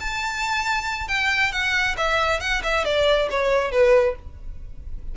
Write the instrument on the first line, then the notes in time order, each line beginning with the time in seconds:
violin
0.00 A5
1.08 G5
1.52 F#5
1.97 E5
2.40 F#5
2.63 E5
2.85 D5
3.30 C#5
3.72 B4